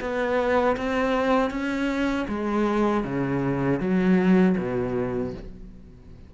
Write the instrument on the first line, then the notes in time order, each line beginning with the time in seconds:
cello
0.00 B3
0.77 C4
1.50 C#4
2.28 G#3
3.03 C#3
3.80 F#3
4.57 B2